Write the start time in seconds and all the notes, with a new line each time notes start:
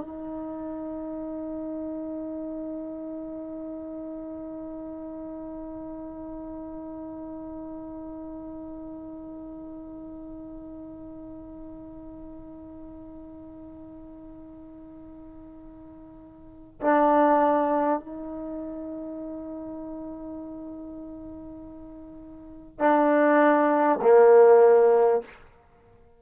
0.00 D#4
16.81 D4
17.99 D#4
22.79 D4
24.01 A#3